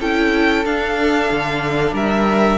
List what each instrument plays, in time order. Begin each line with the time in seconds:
0.00 cello C#4, viola E4, violin A4 G5
0.65 cello D4, viola D4, violin F5
1.31 cello D3
1.93 cello G3, violin A#4 E5